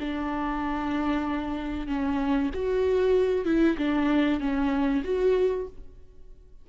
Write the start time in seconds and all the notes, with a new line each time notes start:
0.00 D4
1.87 C#4
2.54 F#4
3.46 E4
3.78 D4
4.40 C#4
5.04 F#4